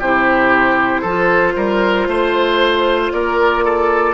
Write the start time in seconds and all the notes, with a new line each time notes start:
0.00 C3 E4 G4 C5
1.02 F3 F4 A4
1.56 G3 A#4
2.08 A3 C5
3.13 A#3 A#4 D5
3.65 A4